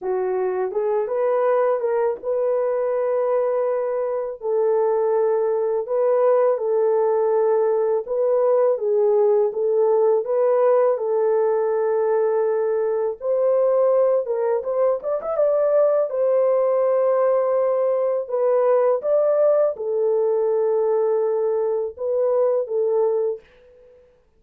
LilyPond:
\new Staff \with { instrumentName = "horn" } { \time 4/4 \tempo 4 = 82 fis'4 gis'8 b'4 ais'8 b'4~ | b'2 a'2 | b'4 a'2 b'4 | gis'4 a'4 b'4 a'4~ |
a'2 c''4. ais'8 | c''8 d''16 e''16 d''4 c''2~ | c''4 b'4 d''4 a'4~ | a'2 b'4 a'4 | }